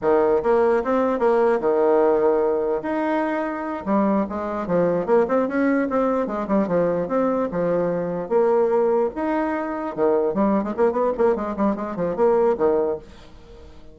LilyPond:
\new Staff \with { instrumentName = "bassoon" } { \time 4/4 \tempo 4 = 148 dis4 ais4 c'4 ais4 | dis2. dis'4~ | dis'4. g4 gis4 f8~ | f8 ais8 c'8 cis'4 c'4 gis8 |
g8 f4 c'4 f4.~ | f8 ais2 dis'4.~ | dis'8 dis4 g8. gis16 ais8 b8 ais8 | gis8 g8 gis8 f8 ais4 dis4 | }